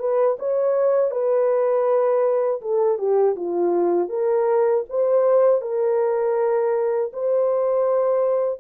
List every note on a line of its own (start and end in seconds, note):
0.00 0.38 B4
0.39 1.11 C#5
1.11 2.61 B4
2.62 2.99 A4
2.99 3.36 G4
3.36 4.09 F4
4.09 4.84 A#4
4.90 5.62 C5
5.62 7.12 A#4
7.14 8.60 C5